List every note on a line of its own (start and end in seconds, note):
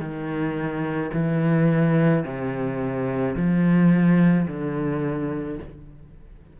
0.00 1.11 D#3
1.14 2.25 E3
2.25 3.36 C3
3.36 4.47 F3
4.47 5.59 D3